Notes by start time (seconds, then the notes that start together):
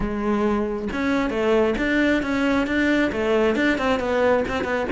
0.00 G#3
0.92 C#4
1.30 A3
1.78 D4
2.22 C#4
2.66 D4
3.12 A3
3.55 D4
3.78 C4
3.99 B3
4.47 C4
4.64 B3